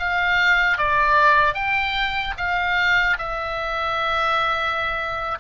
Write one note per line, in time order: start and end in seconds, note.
0.00 0.78 F5
0.78 1.55 D5
1.55 2.35 G5
2.38 3.18 F5
3.19 5.39 E5